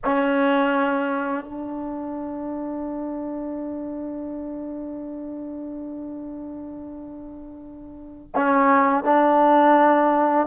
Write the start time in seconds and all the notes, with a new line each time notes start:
0.04 C#4
1.44 D4
8.35 C#4
9.04 D4